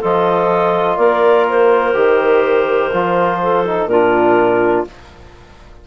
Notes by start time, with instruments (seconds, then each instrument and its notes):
0.00 bassoon F3, trombone F4, clarinet A4 D#5
0.96 bassoon A#3, clarinet A#4 D5
1.49 clarinet C5
1.94 bassoon D#3, trombone G4
2.92 bassoon F3, trombone F4
3.42 clarinet A4
3.66 trombone D#4
3.86 bassoon A#2, trombone D4, clarinet F4 A#4